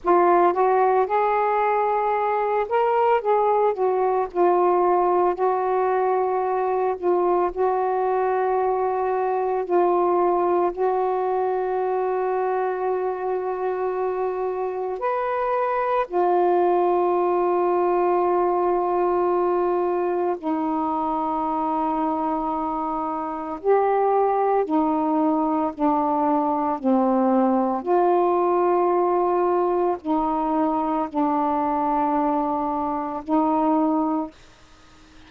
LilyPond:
\new Staff \with { instrumentName = "saxophone" } { \time 4/4 \tempo 4 = 56 f'8 fis'8 gis'4. ais'8 gis'8 fis'8 | f'4 fis'4. f'8 fis'4~ | fis'4 f'4 fis'2~ | fis'2 b'4 f'4~ |
f'2. dis'4~ | dis'2 g'4 dis'4 | d'4 c'4 f'2 | dis'4 d'2 dis'4 | }